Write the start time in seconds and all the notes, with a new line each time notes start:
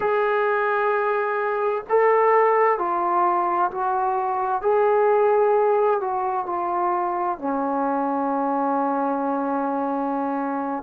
0.00 G#4
1.89 A4
2.78 F4
3.71 F#4
4.62 G#4
6.00 F#4
6.46 F4
7.38 C#4